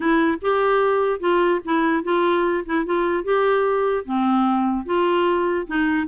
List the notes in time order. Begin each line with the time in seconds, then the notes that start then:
0.00 E4
0.41 G4
1.20 F4
1.64 E4
2.03 F4
2.65 E4
2.85 F4
3.24 G4
4.05 C4
4.85 F4
5.67 D#4